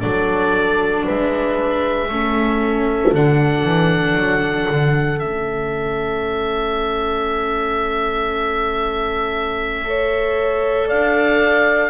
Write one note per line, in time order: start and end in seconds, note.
0.00 1.07 F#3
0.00 2.08 D4
0.00 1.04 A4
0.00 1.03 D5
1.04 2.08 G#3
1.04 2.08 B4
1.04 3.14 E5
2.08 3.12 A3
2.08 3.14 C#4
2.08 9.86 A4
3.12 3.64 D3
3.12 5.20 D4
3.12 5.19 F#5
3.64 4.15 E3
4.15 4.66 F#3
4.70 5.22 D3
5.19 10.91 A3
5.19 9.84 C#4
5.19 10.88 E5
9.84 11.89 A4
9.84 10.87 C#5
10.87 11.89 D4
10.87 11.89 D5
10.87 11.89 F5